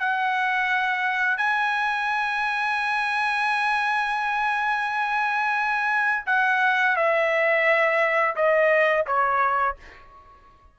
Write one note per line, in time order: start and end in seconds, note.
0.00 1.38 F#5
1.38 6.26 G#5
6.27 6.96 F#5
6.96 8.36 E5
8.36 9.06 D#5
9.07 9.76 C#5